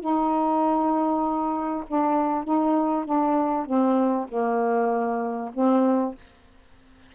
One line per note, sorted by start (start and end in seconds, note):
0.00 1.84 D#4
1.88 2.44 D4
2.44 3.05 D#4
3.05 3.66 D4
3.66 4.27 C4
4.29 5.51 A#3
5.54 6.15 C4